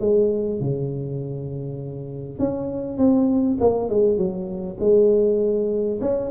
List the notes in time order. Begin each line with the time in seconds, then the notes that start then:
0.00 G#3
0.60 C#3
2.39 C#4
2.98 C4
3.60 A#3
3.89 G#3
4.18 F#3
4.80 G#3
6.01 C#4